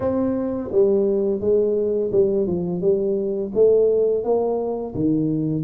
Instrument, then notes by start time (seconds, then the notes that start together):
tuba
0.00 C4
0.71 G3
1.40 G#3
2.12 G3
2.46 F3
2.81 G3
3.54 A3
4.24 A#3
4.94 D#3